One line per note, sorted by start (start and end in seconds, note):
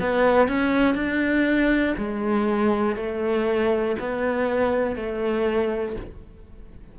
0.00 0.48 B3
0.48 0.95 C#4
0.95 1.95 D4
1.97 2.96 G#3
2.96 3.96 A3
4.00 4.96 B3
4.96 5.96 A3